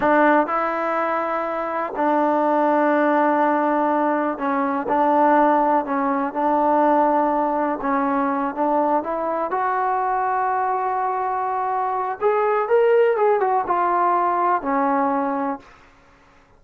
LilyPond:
\new Staff \with { instrumentName = "trombone" } { \time 4/4 \tempo 4 = 123 d'4 e'2. | d'1~ | d'4 cis'4 d'2 | cis'4 d'2. |
cis'4. d'4 e'4 fis'8~ | fis'1~ | fis'4 gis'4 ais'4 gis'8 fis'8 | f'2 cis'2 | }